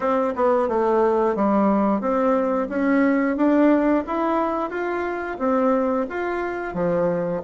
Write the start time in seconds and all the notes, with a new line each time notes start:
0.00 C4
0.35 B3
0.68 A3
1.35 G3
2.00 C4
2.69 C#4
3.36 D4
4.06 E4
4.69 F4
5.38 C4
6.09 F4
6.74 F3